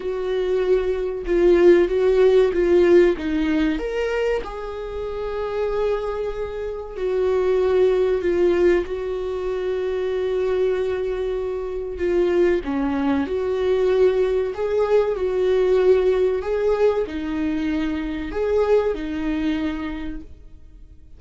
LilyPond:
\new Staff \with { instrumentName = "viola" } { \time 4/4 \tempo 4 = 95 fis'2 f'4 fis'4 | f'4 dis'4 ais'4 gis'4~ | gis'2. fis'4~ | fis'4 f'4 fis'2~ |
fis'2. f'4 | cis'4 fis'2 gis'4 | fis'2 gis'4 dis'4~ | dis'4 gis'4 dis'2 | }